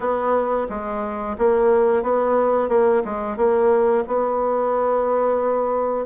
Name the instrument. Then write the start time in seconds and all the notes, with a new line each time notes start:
bassoon
0.00 B3
0.69 G#3
1.38 A#3
2.02 B3
2.68 A#3
3.04 G#3
3.36 A#3
4.07 B3